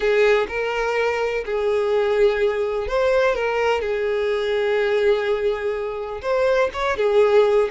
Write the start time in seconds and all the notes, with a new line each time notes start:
0.00 G#4
0.48 A#4
1.45 G#4
2.87 C5
3.35 A#4
3.81 G#4
6.22 C5
6.73 C#5
6.97 G#4